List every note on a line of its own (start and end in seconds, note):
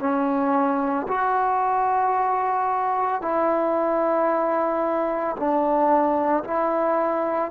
0.00 1.07 C#4
1.08 3.22 F#4
3.22 5.36 E4
5.37 6.44 D4
6.44 7.51 E4